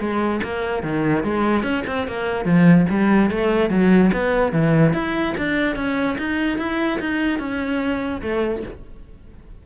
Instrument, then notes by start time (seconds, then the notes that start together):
cello
0.00 G#3
0.43 A#3
0.83 D#3
1.24 G#3
1.64 C#4
1.87 C4
2.08 A#3
2.45 F3
2.90 G3
3.31 A3
3.70 F#3
4.13 B3
4.53 E3
4.94 E4
5.38 D4
5.76 C#4
6.19 D#4
6.59 E4
7.00 D#4
7.40 C#4
8.22 A3